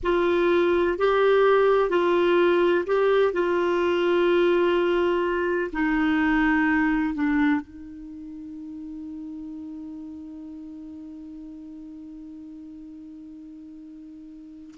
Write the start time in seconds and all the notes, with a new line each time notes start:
0.03 F4
0.98 G4
1.89 F4
2.86 G4
3.32 F4
5.72 D#4
7.14 D4
7.60 D#4